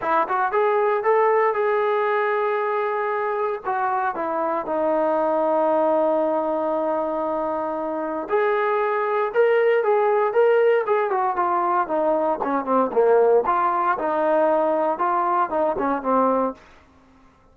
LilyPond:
\new Staff \with { instrumentName = "trombone" } { \time 4/4 \tempo 4 = 116 e'8 fis'8 gis'4 a'4 gis'4~ | gis'2. fis'4 | e'4 dis'2.~ | dis'1 |
gis'2 ais'4 gis'4 | ais'4 gis'8 fis'8 f'4 dis'4 | cis'8 c'8 ais4 f'4 dis'4~ | dis'4 f'4 dis'8 cis'8 c'4 | }